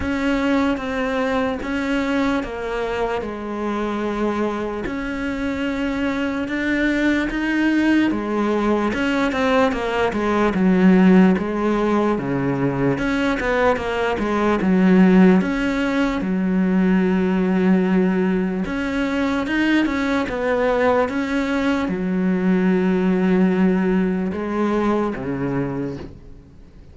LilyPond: \new Staff \with { instrumentName = "cello" } { \time 4/4 \tempo 4 = 74 cis'4 c'4 cis'4 ais4 | gis2 cis'2 | d'4 dis'4 gis4 cis'8 c'8 | ais8 gis8 fis4 gis4 cis4 |
cis'8 b8 ais8 gis8 fis4 cis'4 | fis2. cis'4 | dis'8 cis'8 b4 cis'4 fis4~ | fis2 gis4 cis4 | }